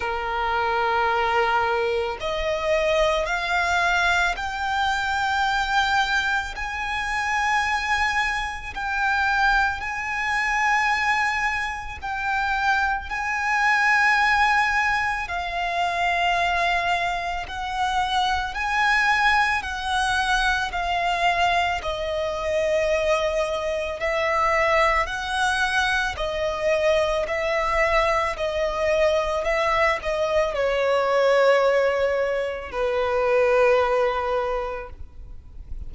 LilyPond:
\new Staff \with { instrumentName = "violin" } { \time 4/4 \tempo 4 = 55 ais'2 dis''4 f''4 | g''2 gis''2 | g''4 gis''2 g''4 | gis''2 f''2 |
fis''4 gis''4 fis''4 f''4 | dis''2 e''4 fis''4 | dis''4 e''4 dis''4 e''8 dis''8 | cis''2 b'2 | }